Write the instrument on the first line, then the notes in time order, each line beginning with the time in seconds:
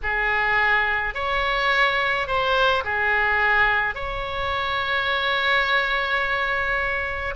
oboe
0.02 G#4
1.14 C#5
2.27 C5
2.84 G#4
3.94 C#5